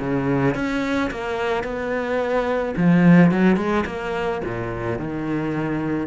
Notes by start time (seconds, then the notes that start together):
0.00 C#3
0.55 C#4
1.11 A#3
1.64 B3
2.77 F3
3.32 F#3
3.57 G#3
3.86 A#3
4.45 A#2
4.99 D#3